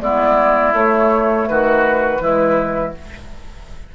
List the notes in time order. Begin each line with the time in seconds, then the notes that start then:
0.00 G#3 B3 E4 D5
0.73 A3 C#5
1.47 D#3 F#4 B4
2.20 E3 G#3 E4